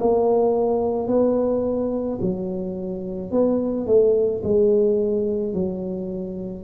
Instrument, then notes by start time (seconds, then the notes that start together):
tuba
0.00 A#3
1.08 B3
2.22 F#3
3.32 B3
3.87 A3
4.44 G#3
5.54 F#3